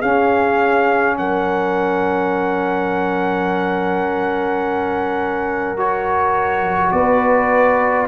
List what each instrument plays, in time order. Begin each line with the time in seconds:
0.00 trombone C#4, tuba C#4, horn G#4, trumpet F5
1.18 tuba F#3, horn A#4, trumpet F#5
5.77 trombone F#4, trumpet C#5
6.92 tuba B3, horn B4, trumpet D5